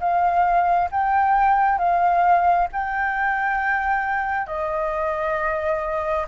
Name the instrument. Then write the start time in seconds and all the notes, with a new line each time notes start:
flute
0.00 F5
0.92 G5
1.79 F5
2.73 G5
4.47 D#5